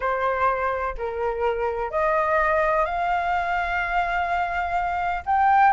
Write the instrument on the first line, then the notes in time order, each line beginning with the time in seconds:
flute
0.00 C5
0.97 A#4
1.90 D#5
2.85 F5
5.25 G5